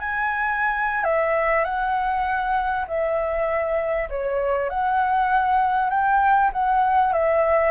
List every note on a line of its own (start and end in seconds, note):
0.00 1.04 G#5
1.04 1.65 E5
1.65 2.86 F#5
2.88 4.09 E5
4.10 4.70 C#5
4.70 5.91 F#5
5.91 6.51 G5
6.53 7.13 F#5
7.13 7.71 E5